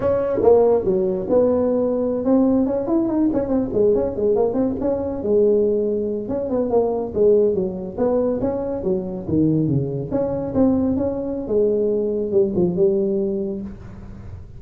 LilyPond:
\new Staff \with { instrumentName = "tuba" } { \time 4/4 \tempo 4 = 141 cis'4 ais4 fis4 b4~ | b4~ b16 c'4 cis'8 e'8 dis'8 cis'16~ | cis'16 c'8 gis8 cis'8 gis8 ais8 c'8 cis'8.~ | cis'16 gis2~ gis8 cis'8 b8 ais16~ |
ais8. gis4 fis4 b4 cis'16~ | cis'8. fis4 dis4 cis4 cis'16~ | cis'8. c'4 cis'4~ cis'16 gis4~ | gis4 g8 f8 g2 | }